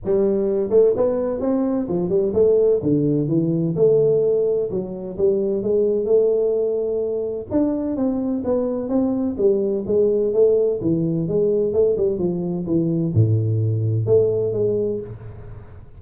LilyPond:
\new Staff \with { instrumentName = "tuba" } { \time 4/4 \tempo 4 = 128 g4. a8 b4 c'4 | f8 g8 a4 d4 e4 | a2 fis4 g4 | gis4 a2. |
d'4 c'4 b4 c'4 | g4 gis4 a4 e4 | gis4 a8 g8 f4 e4 | a,2 a4 gis4 | }